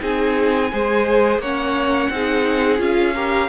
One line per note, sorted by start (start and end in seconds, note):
0.00 0.72 C4
0.00 0.70 D#4
0.00 0.71 G#4
0.00 1.41 G#5
0.73 1.39 G#3
0.73 1.42 G#4
0.73 1.42 C5
1.39 2.09 A#3
1.39 2.13 C#4
1.39 2.11 C#5
1.39 2.81 F#5
2.10 2.79 C4
2.10 2.78 D#4
2.10 3.15 G#4
2.78 3.49 C#4
2.78 3.13 F4
2.78 3.49 F5
3.15 3.49 G4
3.15 3.49 A#4